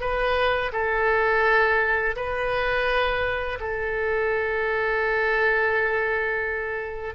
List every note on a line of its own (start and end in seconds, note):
0.00 0.71 B4
0.72 2.15 A4
2.16 3.58 B4
3.59 7.14 A4